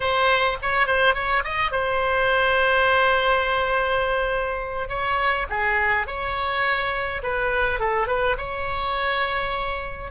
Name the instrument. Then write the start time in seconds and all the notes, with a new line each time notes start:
oboe
0.00 C5
0.62 C#5
0.86 C5
1.14 C#5
1.44 D#5
1.71 C5
4.89 C#5
5.49 G#4
6.06 C#5
7.22 B4
7.79 A4
8.07 B4
8.37 C#5